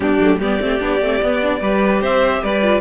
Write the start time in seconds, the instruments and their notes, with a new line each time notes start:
0.00 cello G3, viola B3, violin D4 G4
0.20 cello F#3, viola A3
0.38 cello G3, viola B3, violin G4 D5
0.60 cello A3, viola C4
0.79 cello B3, viola D4
1.01 cello A3, viola C4
1.21 cello B3, viola B3
1.41 viola D4
1.60 cello G3, viola G4, violin B4
2.01 cello C4, violin C5 E5
2.42 cello G3, violin B4 D5
2.61 viola F4